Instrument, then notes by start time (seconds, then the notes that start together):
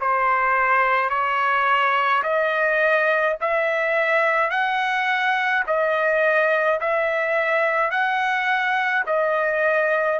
trumpet
0.00 C5
1.10 C#5
2.23 D#5
3.41 E5
4.50 F#5
5.67 D#5
6.80 E5
7.90 F#5
9.06 D#5